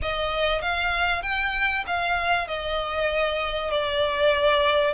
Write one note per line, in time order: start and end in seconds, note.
0.02 0.61 D#5
0.61 1.22 F5
1.22 1.84 G5
1.86 2.47 F5
2.47 3.70 D#5
3.70 4.93 D5